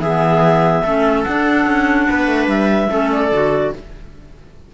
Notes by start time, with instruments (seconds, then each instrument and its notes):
0.00 cello E3, clarinet B3 E5, viola G#4
0.84 cello A3, clarinet C#4, viola A4
1.24 clarinet D4 F#5, cello D4
1.66 cello C#4
2.10 cello B3, viola B4
2.27 cello A3
2.48 cello G3, clarinet E5
2.90 cello A3, clarinet C#4, viola A4
3.12 clarinet D5
3.32 cello D3, clarinet F#4